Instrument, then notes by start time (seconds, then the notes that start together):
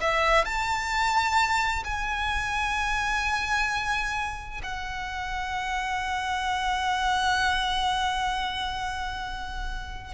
violin
0.00 E5
0.44 A5
1.84 G#5
4.63 F#5